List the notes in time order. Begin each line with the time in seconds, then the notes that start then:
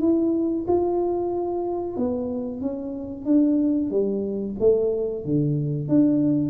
0.00 E4
0.68 F4
1.97 B3
2.61 C#4
3.25 D4
3.90 G3
4.59 A3
5.24 D3
5.88 D4